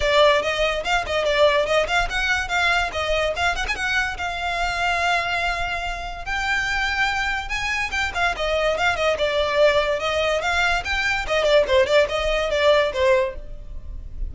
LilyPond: \new Staff \with { instrumentName = "violin" } { \time 4/4 \tempo 4 = 144 d''4 dis''4 f''8 dis''8 d''4 | dis''8 f''8 fis''4 f''4 dis''4 | f''8 fis''16 gis''16 fis''4 f''2~ | f''2. g''4~ |
g''2 gis''4 g''8 f''8 | dis''4 f''8 dis''8 d''2 | dis''4 f''4 g''4 dis''8 d''8 | c''8 d''8 dis''4 d''4 c''4 | }